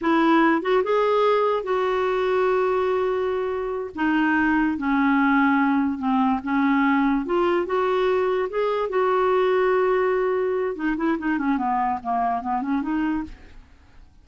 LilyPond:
\new Staff \with { instrumentName = "clarinet" } { \time 4/4 \tempo 4 = 145 e'4. fis'8 gis'2 | fis'1~ | fis'4. dis'2 cis'8~ | cis'2~ cis'8 c'4 cis'8~ |
cis'4. f'4 fis'4.~ | fis'8 gis'4 fis'2~ fis'8~ | fis'2 dis'8 e'8 dis'8 cis'8 | b4 ais4 b8 cis'8 dis'4 | }